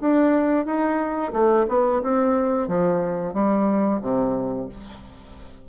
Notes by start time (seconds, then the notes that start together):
0.00 D4
0.65 D#4
1.32 A3
1.68 B3
2.02 C4
2.68 F3
3.33 G3
4.02 C3